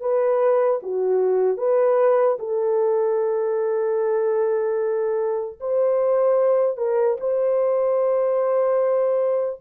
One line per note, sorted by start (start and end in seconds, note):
0.00 0.80 B4
0.83 1.57 F#4
1.57 2.37 B4
2.39 5.59 A4
5.60 6.77 C5
6.77 7.17 A#4
7.20 9.60 C5